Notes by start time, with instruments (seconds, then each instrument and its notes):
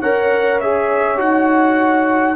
0.00 tuba C#4, trombone A#4, horn C#5, trumpet F#5
0.60 trombone G#4, trumpet E5
1.18 tuba D#4, trombone F#4, trumpet F#5